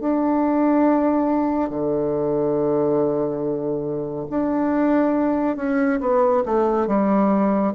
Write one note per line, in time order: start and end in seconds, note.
0.00 1.69 D4
1.69 4.26 D3
4.30 5.56 D4
5.56 5.99 C#4
6.00 6.43 B3
6.46 6.87 A3
6.87 7.73 G3